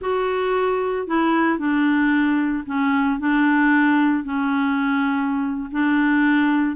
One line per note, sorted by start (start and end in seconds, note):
0.01 1.07 F#4
1.07 1.58 E4
1.58 2.64 D4
2.66 3.19 C#4
3.19 4.24 D4
4.24 5.70 C#4
5.71 6.76 D4